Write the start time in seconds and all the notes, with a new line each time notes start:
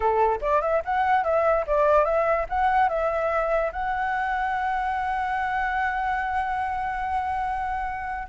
0.00 A4
0.41 D5
0.61 E5
0.84 F#5
1.24 E5
1.66 D5
2.04 E5
2.49 F#5
2.88 E5
3.72 F#5